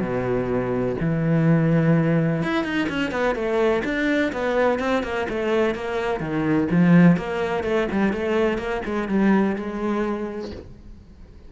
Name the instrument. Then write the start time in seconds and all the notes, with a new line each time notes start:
cello
0.00 B2
1.00 E3
2.42 E4
2.64 D#4
2.89 C#4
3.11 B3
3.35 A3
3.84 D4
4.32 B3
4.79 C4
5.03 A#3
5.29 A3
5.74 A#3
6.20 D#3
6.71 F3
7.16 A#3
7.63 A3
7.91 G3
8.12 A3
8.57 A#3
8.85 G#3
9.08 G3
9.56 G#3